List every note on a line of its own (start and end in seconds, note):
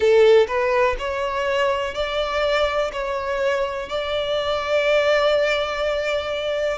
0.00 0.47 A4
0.48 0.96 B4
0.99 1.94 C#5
1.94 2.91 D5
2.92 3.89 C#5
3.89 6.77 D5